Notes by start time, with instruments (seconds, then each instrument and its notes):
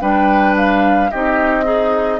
0.00 bassoon G3, clarinet D4, oboe B4, flute G5
0.56 flute F5
1.10 bassoon C4, clarinet D#4, oboe G4, flute D#5
1.64 oboe D#4, clarinet G#4